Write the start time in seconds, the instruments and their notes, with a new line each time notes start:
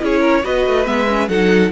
0.00 cello C#4, viola E4, violin G#4 C#5
0.20 violin A#4
0.43 cello B3, viola F#4, violin B4 D#5
0.67 cello A3
0.85 cello G#3, viola B3, violin E5
1.08 viola C#4
1.29 cello F#3, viola D#4, violin A4 F#5